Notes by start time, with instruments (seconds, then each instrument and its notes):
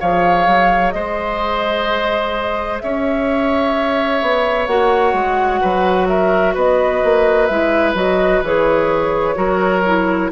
0.00 bassoon F3, clarinet G#4, oboe C#5, flute F5
0.47 bassoon F#3
0.91 bassoon G#3, oboe C5, flute D#5
2.80 bassoon C#4, oboe C#5, flute E5
4.22 bassoon B3
4.67 bassoon A#3, clarinet F#4, flute F#5
5.13 bassoon G#3
5.61 bassoon F#3, oboe B4
6.08 oboe A#4, flute E5
6.54 bassoon B3, oboe B4, flute D#5
7.04 bassoon A#3
7.46 bassoon G#3, clarinet E4, flute E5
7.94 bassoon F#3, clarinet F#4, flute D#5
8.43 bassoon E3, clarinet G#4, flute C#5
9.35 bassoon F#3, clarinet F#4, oboe A#4
9.86 clarinet E4